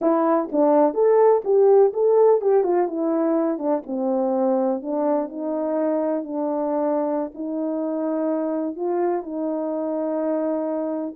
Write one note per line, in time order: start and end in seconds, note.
0.01 0.49 E4
0.51 0.94 D4
0.94 1.42 A4
1.44 1.92 G4
1.93 2.41 A4
2.41 2.63 G4
2.63 2.87 F4
2.87 3.58 E4
3.58 3.82 D4
3.86 4.82 C4
4.82 5.28 D4
5.28 6.23 D#4
6.23 7.31 D4
7.34 8.76 D#4
8.76 9.22 F4
9.22 11.14 D#4